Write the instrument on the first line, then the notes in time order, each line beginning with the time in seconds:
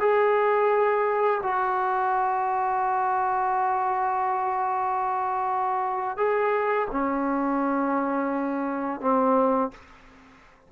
trombone
0.00 G#4
1.42 F#4
6.17 G#4
6.90 C#4
9.00 C4